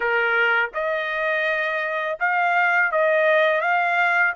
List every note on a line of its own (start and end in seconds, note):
0.00 0.70 A#4
0.74 2.18 D#5
2.19 2.91 F5
2.91 3.61 D#5
3.61 4.33 F5